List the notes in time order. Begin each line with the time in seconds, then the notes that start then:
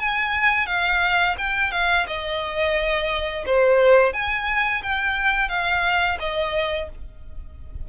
0.00 G#5
0.67 F5
1.38 G5
1.72 F5
2.07 D#5
3.46 C5
4.13 G#5
4.83 G5
5.49 F5
6.20 D#5